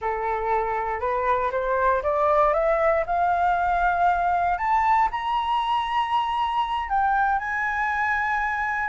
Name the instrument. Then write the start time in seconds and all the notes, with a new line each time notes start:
flute
0.01 A4
0.99 B4
1.51 C5
2.02 D5
2.53 E5
3.06 F5
4.57 A5
5.11 A#5
6.89 G5
7.38 G#5